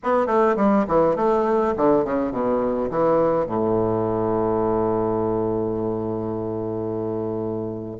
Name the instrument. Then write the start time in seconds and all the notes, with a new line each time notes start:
bassoon
0.03 B3
0.26 A3
0.56 G3
0.87 E3
1.16 A3
1.76 D3
2.04 C#3
2.31 B2
2.90 E3
3.46 A2